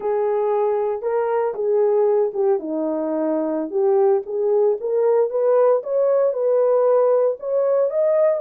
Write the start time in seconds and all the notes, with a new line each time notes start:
0.00 G#4
1.02 A#4
1.54 G#4
2.33 G4
2.59 D#4
3.70 G4
4.26 G#4
4.80 A#4
5.30 B4
5.83 C#5
6.33 B4
7.39 C#5
7.90 D#5